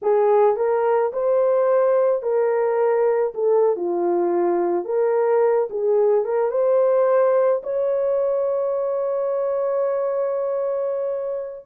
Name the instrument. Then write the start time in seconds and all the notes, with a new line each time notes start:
horn
0.02 G#4
0.56 A#4
1.12 C5
2.22 A#4
3.34 A4
3.76 F4
4.85 A#4
5.70 G#4
6.24 A#4
6.51 C5
7.63 C#5